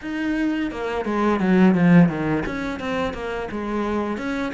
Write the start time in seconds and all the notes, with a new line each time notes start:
0.01 D#4
0.71 A#3
1.05 G#3
1.40 F#3
1.74 F3
2.08 D#3
2.46 C#4
2.79 C4
3.13 A#3
3.51 G#3
4.17 C#4